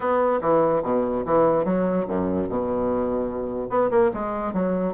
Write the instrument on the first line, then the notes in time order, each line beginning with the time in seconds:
bassoon
0.00 B3
0.41 E3
0.83 B2
1.25 E3
1.64 F#3
2.07 F#2
2.48 B2
3.69 B3
3.90 A#3
4.13 G#3
4.53 F#3